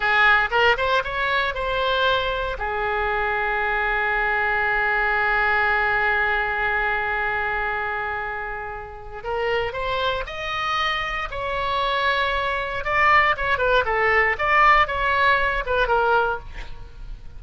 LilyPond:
\new Staff \with { instrumentName = "oboe" } { \time 4/4 \tempo 4 = 117 gis'4 ais'8 c''8 cis''4 c''4~ | c''4 gis'2.~ | gis'1~ | gis'1~ |
gis'2 ais'4 c''4 | dis''2 cis''2~ | cis''4 d''4 cis''8 b'8 a'4 | d''4 cis''4. b'8 ais'4 | }